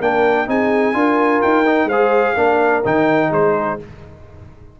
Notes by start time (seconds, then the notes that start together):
0.00 A#3 D4 A#4 G5
0.47 C4 D#4 G#4 G#5
0.94 D4 F4 A#4
1.42 D#4 G5
1.66 D#4
1.85 G#3 C5 F5
1.92 G#4
2.34 A#3 D4 A#4
2.85 D#3 D#4 G5
3.30 G#3 G#4 C5